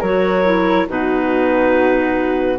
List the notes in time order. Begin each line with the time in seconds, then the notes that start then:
0.00 F#3 F#4 A#4 C#5
0.44 E4
0.87 B2 D#4 F#4 B4